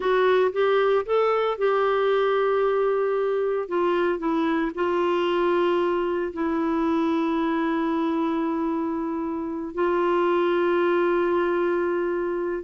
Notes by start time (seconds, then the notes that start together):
0.00 F#4
0.52 G4
1.05 A4
1.58 G4
3.68 F4
4.18 E4
4.74 F4
6.33 E4
9.74 F4